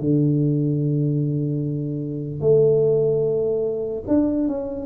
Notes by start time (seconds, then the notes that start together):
0.00 D3
2.41 A3
4.07 D4
4.48 C#4